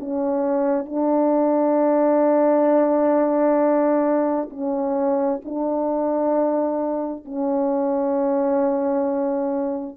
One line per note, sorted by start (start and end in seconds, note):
0.00 0.86 C#4
0.86 4.50 D4
4.50 5.41 C#4
5.45 7.25 D4
7.25 9.97 C#4